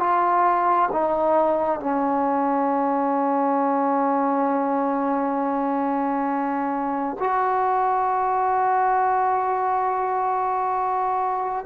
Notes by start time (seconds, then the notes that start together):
0.00 F4
0.92 D#4
1.80 C#4
7.20 F#4